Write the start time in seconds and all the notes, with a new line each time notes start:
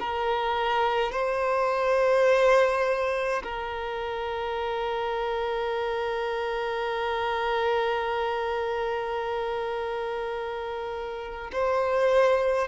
0.00 A#4
1.12 C5
3.44 A#4
11.53 C5